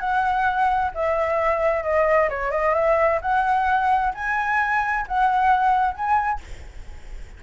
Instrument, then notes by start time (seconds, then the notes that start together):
flute
0.00 F#5
0.94 E5
1.83 D#5
2.29 C#5
2.51 D#5
2.74 E5
3.21 F#5
4.14 G#5
5.08 F#5
5.95 G#5